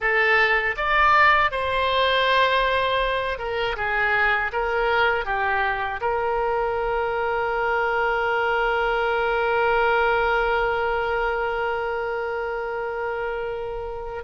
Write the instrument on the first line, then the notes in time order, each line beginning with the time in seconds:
oboe
0.00 A4
0.76 D5
1.51 C5
3.38 A#4
3.76 G#4
4.52 A#4
5.25 G4
6.00 A#4